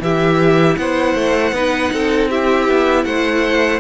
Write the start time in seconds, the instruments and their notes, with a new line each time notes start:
0.00 cello E3, viola E4, violin G4 E5
0.76 cello B3, violin C5 F#5
1.15 cello A3
1.52 cello B3, viola D#4, violin B4
1.93 cello C4, violin A4
2.30 viola E4, violin G4 E5
2.68 cello B3
3.05 cello A3, violin C5 F#5